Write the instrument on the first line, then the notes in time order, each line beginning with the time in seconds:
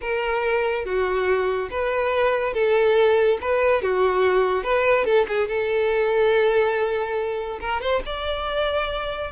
violin
0.01 A#4
0.85 F#4
1.70 B4
2.53 A4
3.41 B4
3.82 F#4
4.63 B4
5.04 A4
5.28 G#4
5.48 A4
7.60 A#4
7.81 C5
8.05 D5